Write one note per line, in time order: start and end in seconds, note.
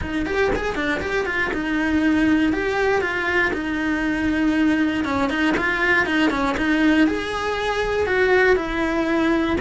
0.01 0.25 D#4
0.25 0.51 G4
0.55 0.75 G#4
0.75 1.00 D4
1.00 1.26 G4
1.26 1.51 F4
1.53 2.52 D#4
2.52 3.01 G4
3.01 3.51 F4
3.53 5.04 D#4
5.04 5.29 C#4
5.29 5.55 D#4
5.57 6.06 F4
6.06 6.30 D#4
6.30 6.55 C#4
6.57 7.07 D#4
7.07 8.06 G#4
8.06 8.56 F#4
8.56 9.56 E4